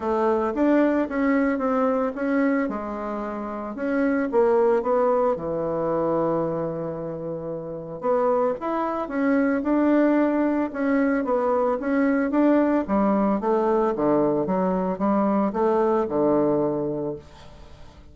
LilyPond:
\new Staff \with { instrumentName = "bassoon" } { \time 4/4 \tempo 4 = 112 a4 d'4 cis'4 c'4 | cis'4 gis2 cis'4 | ais4 b4 e2~ | e2. b4 |
e'4 cis'4 d'2 | cis'4 b4 cis'4 d'4 | g4 a4 d4 fis4 | g4 a4 d2 | }